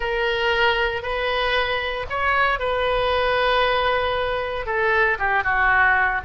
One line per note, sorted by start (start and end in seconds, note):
0.00 1.02 A#4
1.02 2.05 B4
2.09 2.59 C#5
2.59 4.66 B4
4.66 5.17 A4
5.18 5.43 G4
5.43 6.21 F#4